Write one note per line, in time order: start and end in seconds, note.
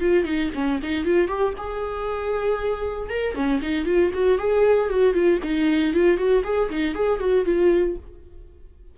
0.00 0.24 F4
0.24 0.50 D#4
0.55 0.80 C#4
0.83 1.04 D#4
1.04 1.28 F4
1.28 1.53 G4
1.57 3.09 G#4
3.09 3.34 A#4
3.34 3.60 C#4
3.62 3.86 D#4
3.86 4.11 F4
4.14 4.38 F#4
4.38 4.89 G#4
4.89 5.14 F#4
5.14 5.39 F4
5.43 5.93 D#4
5.93 6.17 F4
6.17 6.43 F#4
6.44 6.69 G#4
6.70 6.94 D#4
6.94 7.19 G#4
7.19 7.45 F#4
7.45 7.96 F4